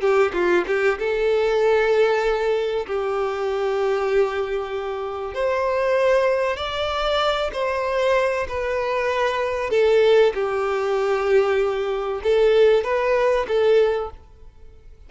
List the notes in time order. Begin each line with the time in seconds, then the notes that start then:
0.00 G4
0.33 F4
0.66 G4
0.98 A4
2.86 G4
5.34 C5
6.57 D5
7.53 C5
8.48 B4
9.70 A4
10.34 G4
12.23 A4
12.83 B4
13.47 A4